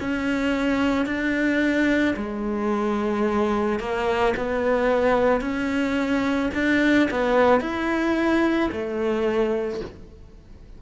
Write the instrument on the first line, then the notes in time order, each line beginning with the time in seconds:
cello
0.00 C#4
1.06 D4
2.16 G#3
3.79 A#3
4.36 B3
5.41 C#4
6.55 D4
7.11 B3
7.61 E4
8.72 A3